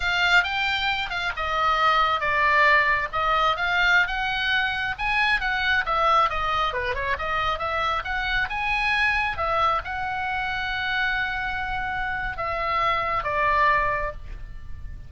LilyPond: \new Staff \with { instrumentName = "oboe" } { \time 4/4 \tempo 4 = 136 f''4 g''4. f''8 dis''4~ | dis''4 d''2 dis''4 | f''4~ f''16 fis''2 gis''8.~ | gis''16 fis''4 e''4 dis''4 b'8 cis''16~ |
cis''16 dis''4 e''4 fis''4 gis''8.~ | gis''4~ gis''16 e''4 fis''4.~ fis''16~ | fis''1 | e''2 d''2 | }